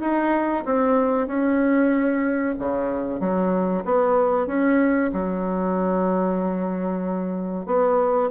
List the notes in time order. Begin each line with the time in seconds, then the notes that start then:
0.00 D#4
0.65 C4
1.27 C#4
2.59 C#3
3.20 F#3
3.85 B3
4.47 C#4
5.12 F#3
7.66 B3